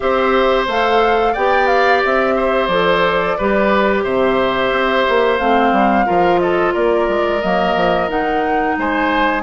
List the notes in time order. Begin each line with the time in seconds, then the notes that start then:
0.00 C4 G4 C5 E5
0.67 A3 A4 F5
1.33 B3 G4 D5 G5
1.67 F5
2.04 C4 E5
2.36 C5
2.67 F3 A4 D5
3.37 G3 G4 B4
4.03 C3 C5 E5
4.71 C4
5.08 A#3
5.38 A3 C4 F5
5.71 G3
6.05 F3 F4 A#4
6.38 A4 D#5
6.73 A#3 A#4 D5
7.08 G#3
7.41 F#3 A#3 D#5
7.75 F3
8.08 D#3 D#4 F#5
8.77 G#3 C5 G#5